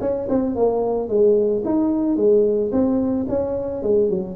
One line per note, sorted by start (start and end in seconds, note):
0.00 0.27 C#4
0.29 0.55 C4
0.55 1.08 A#3
1.08 1.63 G#3
1.65 2.16 D#4
2.16 2.70 G#3
2.71 3.26 C4
3.29 3.82 C#4
3.82 4.09 G#3
4.09 4.36 F#3